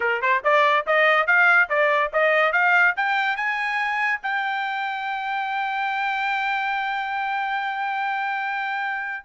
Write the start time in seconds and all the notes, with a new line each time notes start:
0.00 A#4
0.21 C5
0.44 D5
0.86 D#5
1.27 F5
1.69 D5
2.12 D#5
2.52 F5
2.96 G5
3.36 G#5
4.22 G5